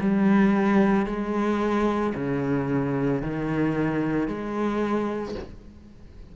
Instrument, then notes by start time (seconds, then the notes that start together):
cello
0.00 G3
1.06 G#3
2.15 C#3
3.22 D#3
4.28 G#3